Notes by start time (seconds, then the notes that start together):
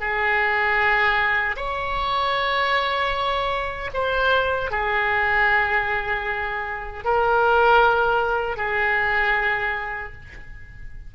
0.00 G#4
1.57 C#5
3.94 C5
4.71 G#4
7.04 A#4
8.57 G#4